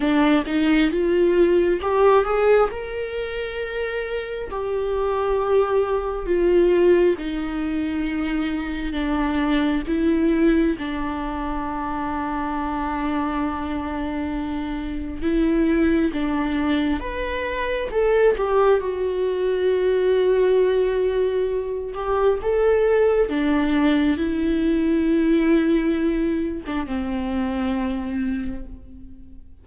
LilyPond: \new Staff \with { instrumentName = "viola" } { \time 4/4 \tempo 4 = 67 d'8 dis'8 f'4 g'8 gis'8 ais'4~ | ais'4 g'2 f'4 | dis'2 d'4 e'4 | d'1~ |
d'4 e'4 d'4 b'4 | a'8 g'8 fis'2.~ | fis'8 g'8 a'4 d'4 e'4~ | e'4.~ e'16 d'16 c'2 | }